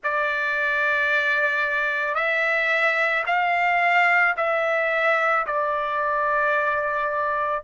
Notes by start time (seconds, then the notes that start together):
0.03 D5
2.14 E5
3.26 F5
4.36 E5
5.46 D5